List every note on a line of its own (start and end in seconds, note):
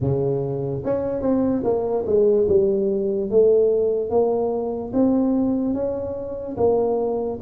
0.00 0.83 C#3
0.84 1.21 C#4
1.21 1.62 C4
1.64 2.05 A#3
2.06 2.47 G#3
2.48 3.30 G3
3.30 4.09 A3
4.09 4.92 A#3
4.93 5.73 C4
5.73 6.56 C#4
6.56 7.39 A#3